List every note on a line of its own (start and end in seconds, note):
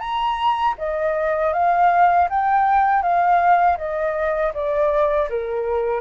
0.00 0.75 A#5
0.78 1.53 D#5
1.54 2.29 F5
2.30 3.03 G5
3.03 3.78 F5
3.78 4.53 D#5
4.54 5.29 D5
5.30 6.01 A#4